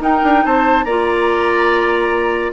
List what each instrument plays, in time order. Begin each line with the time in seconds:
0.00 bassoon D#4, clarinet D#4, oboe A#4, flute G5
0.24 bassoon D4
0.45 bassoon C4, oboe C5, flute A5
0.84 bassoon A#3, clarinet F4, oboe D5, flute A#5